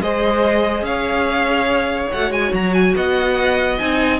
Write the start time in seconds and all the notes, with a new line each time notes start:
0.00 G#3 G#4 C5 D#5
0.82 C#4 C#5 F5
2.11 A3 F#4 F#5
2.30 G#3 G#5
2.52 F#3 A#5
2.73 G#5
2.95 B3 D#5 F#5
3.78 C4 D#4 G#5